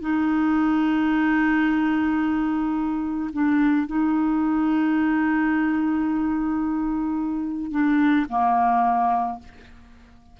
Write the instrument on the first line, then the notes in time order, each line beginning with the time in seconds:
clarinet
0.00 D#4
3.33 D4
3.86 D#4
7.71 D4
8.29 A#3